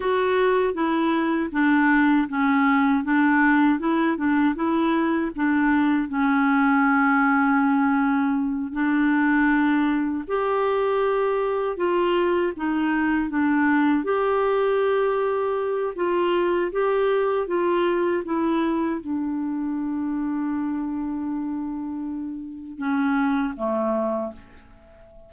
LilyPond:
\new Staff \with { instrumentName = "clarinet" } { \time 4/4 \tempo 4 = 79 fis'4 e'4 d'4 cis'4 | d'4 e'8 d'8 e'4 d'4 | cis'2.~ cis'8 d'8~ | d'4. g'2 f'8~ |
f'8 dis'4 d'4 g'4.~ | g'4 f'4 g'4 f'4 | e'4 d'2.~ | d'2 cis'4 a4 | }